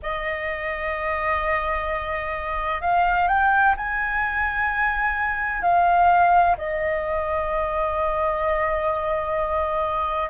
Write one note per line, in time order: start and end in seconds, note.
0.02 2.81 D#5
2.81 3.28 F5
3.28 3.75 G5
3.76 5.62 G#5
5.62 6.55 F5
6.57 10.29 D#5